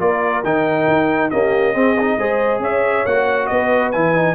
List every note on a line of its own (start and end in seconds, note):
0.00 0.44 A#3
0.00 0.43 F4
0.00 1.31 A#4
0.00 0.44 D5
0.44 0.87 D#3
0.44 1.32 D#4
0.44 1.31 G5
0.88 1.31 D#4
1.31 1.74 A#3
1.31 1.75 C#4
1.31 1.74 G4
1.31 2.61 D#5
1.74 1.96 C4
1.74 2.17 C4
1.74 2.17 G#4
2.01 2.20 D#4
2.17 2.60 G#3
2.17 3.07 G#4
2.17 2.61 C5
2.60 3.03 C#4
2.60 3.48 C#5
2.60 3.06 E5
3.06 3.50 A#3
3.06 3.94 F#4
3.06 3.47 F#5
3.47 3.95 B3
3.47 4.36 B4
3.47 3.90 D#5
3.92 4.36 E3
3.92 4.16 E4
3.92 4.36 G#5
4.16 4.36 D#4